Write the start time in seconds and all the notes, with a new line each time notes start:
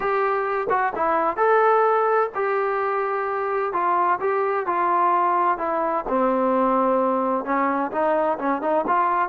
0.00 G4
0.69 F#4
0.95 E4
1.36 A4
2.35 G4
3.72 F4
4.20 G4
4.66 F4
5.58 E4
6.08 C4
7.44 C#4
7.91 D#4
8.38 C#4
8.61 D#4
8.87 F4